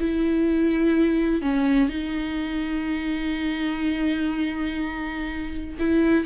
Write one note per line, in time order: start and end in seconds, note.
0.00 1.42 E4
1.42 1.89 C#4
1.89 5.76 D#4
5.79 6.26 E4